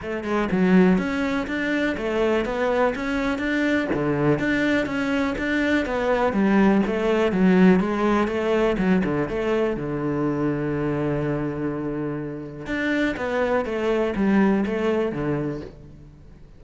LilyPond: \new Staff \with { instrumentName = "cello" } { \time 4/4 \tempo 4 = 123 a8 gis8 fis4 cis'4 d'4 | a4 b4 cis'4 d'4 | d4 d'4 cis'4 d'4 | b4 g4 a4 fis4 |
gis4 a4 fis8 d8 a4 | d1~ | d2 d'4 b4 | a4 g4 a4 d4 | }